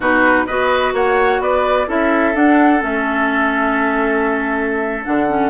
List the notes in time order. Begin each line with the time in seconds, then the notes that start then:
0.00 B2 D#4 F#4 B4
0.46 B3 F#4 B4 D#5
0.93 A#3 C#5 F#5
1.39 B3 B4 D5
1.87 C#4 E4 A4 E5
2.34 D4 F#5
2.79 A3 C#4 E5
5.03 D3 D4 F#5
5.28 C#4